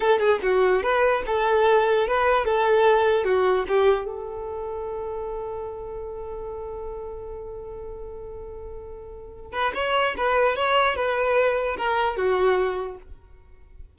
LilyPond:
\new Staff \with { instrumentName = "violin" } { \time 4/4 \tempo 4 = 148 a'8 gis'8 fis'4 b'4 a'4~ | a'4 b'4 a'2 | fis'4 g'4 a'2~ | a'1~ |
a'1~ | a'2.~ a'8 b'8 | cis''4 b'4 cis''4 b'4~ | b'4 ais'4 fis'2 | }